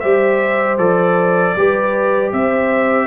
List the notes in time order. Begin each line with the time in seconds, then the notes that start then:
0.00 G3 G4 C5 E5
0.78 F3 A4 D5
1.56 G3 G4 B4
2.33 C4 C5 E5